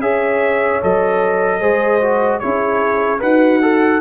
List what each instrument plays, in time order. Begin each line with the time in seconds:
0.00 tuba C#4, trombone G#4, horn C#5, trumpet E5
0.82 tuba F#3, trombone A4, trumpet D#5
1.60 tuba G#3, trombone G#4, horn C5
2.01 trombone F#4
2.40 tuba C#4, trombone E4, horn G#4, trumpet C#5
3.20 tuba D#4, horn F#4, trombone B4, trumpet F#5
3.62 trombone A4